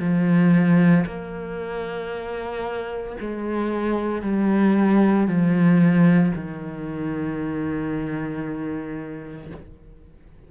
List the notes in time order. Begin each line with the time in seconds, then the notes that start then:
0.00 F3
1.06 A#3
3.21 G#3
4.22 G3
5.28 F3
6.36 D#3